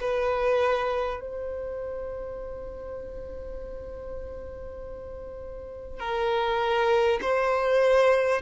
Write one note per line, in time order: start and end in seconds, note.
0.00 1.20 B4
1.20 5.99 C5
5.99 7.19 A#4
7.21 8.41 C5